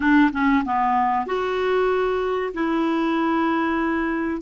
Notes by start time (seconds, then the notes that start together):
0.00 D4
0.32 C#4
0.64 B3
1.26 F#4
2.53 E4